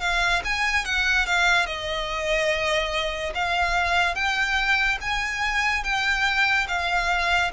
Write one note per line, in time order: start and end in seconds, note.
0.00 0.42 F5
0.44 0.84 G#5
0.84 1.26 F#5
1.26 1.66 F5
1.66 3.33 D#5
3.34 4.15 F5
4.15 4.98 G5
5.01 5.83 G#5
5.83 6.67 G5
6.68 7.51 F5